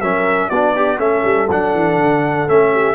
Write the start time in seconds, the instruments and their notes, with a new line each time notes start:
0.00 tuba F#3, trombone C#4, horn A#4, trumpet E5
0.48 tuba B3, trombone D4, horn F#4, trumpet D5
0.74 horn D4, trombone G4
0.97 tuba A3, trombone C#4, horn A4, trumpet E5
1.24 tuba G3
1.49 tuba F#3, trombone D4, trumpet F#5
1.73 tuba E3
1.97 tuba D3
2.47 tuba A3, trombone C#4, trumpet E5
2.71 horn G4